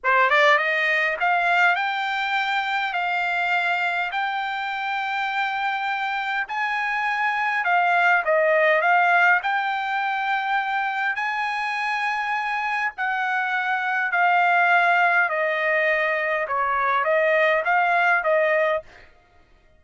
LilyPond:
\new Staff \with { instrumentName = "trumpet" } { \time 4/4 \tempo 4 = 102 c''8 d''8 dis''4 f''4 g''4~ | g''4 f''2 g''4~ | g''2. gis''4~ | gis''4 f''4 dis''4 f''4 |
g''2. gis''4~ | gis''2 fis''2 | f''2 dis''2 | cis''4 dis''4 f''4 dis''4 | }